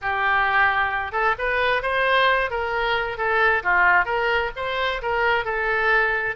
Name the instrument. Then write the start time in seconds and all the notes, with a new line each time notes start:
oboe
0.01 G4
1.12 A4
1.38 B4
1.82 C5
2.50 A#4
3.17 A4
3.63 F4
4.05 A#4
4.56 C5
5.02 A#4
5.44 A4